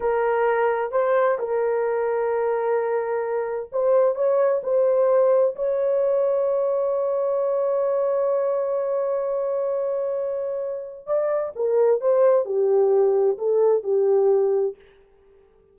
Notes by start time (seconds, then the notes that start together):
0.00 A#4
0.91 C5
1.38 A#4
3.72 C5
4.15 C#5
4.63 C5
5.55 C#5
11.06 D5
11.55 A#4
12.00 C5
12.45 G4
13.38 A4
13.83 G4